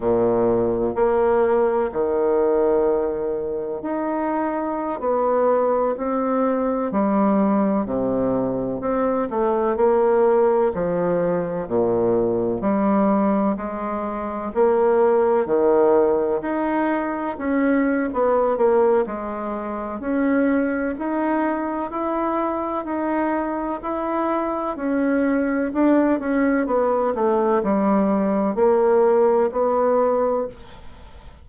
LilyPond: \new Staff \with { instrumentName = "bassoon" } { \time 4/4 \tempo 4 = 63 ais,4 ais4 dis2 | dis'4~ dis'16 b4 c'4 g8.~ | g16 c4 c'8 a8 ais4 f8.~ | f16 ais,4 g4 gis4 ais8.~ |
ais16 dis4 dis'4 cis'8. b8 ais8 | gis4 cis'4 dis'4 e'4 | dis'4 e'4 cis'4 d'8 cis'8 | b8 a8 g4 ais4 b4 | }